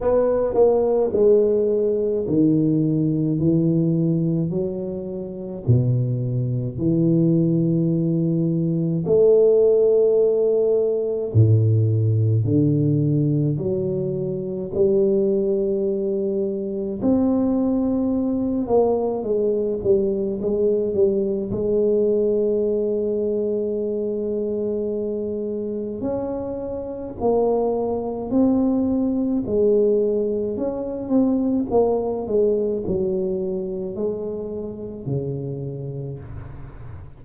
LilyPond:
\new Staff \with { instrumentName = "tuba" } { \time 4/4 \tempo 4 = 53 b8 ais8 gis4 dis4 e4 | fis4 b,4 e2 | a2 a,4 d4 | fis4 g2 c'4~ |
c'8 ais8 gis8 g8 gis8 g8 gis4~ | gis2. cis'4 | ais4 c'4 gis4 cis'8 c'8 | ais8 gis8 fis4 gis4 cis4 | }